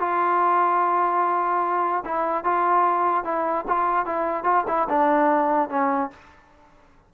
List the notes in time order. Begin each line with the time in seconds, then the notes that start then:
0.00 F4
2.05 E4
2.45 F4
3.25 E4
3.68 F4
4.06 E4
4.44 F4
4.68 E4
4.90 D4
5.70 C#4